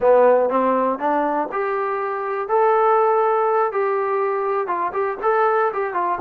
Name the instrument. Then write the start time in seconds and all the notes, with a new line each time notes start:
trombone
0.00 B3
0.49 C4
0.98 D4
1.51 G4
2.48 A4
3.71 G4
4.67 F4
4.92 G4
5.22 A4
5.73 G4
5.93 F4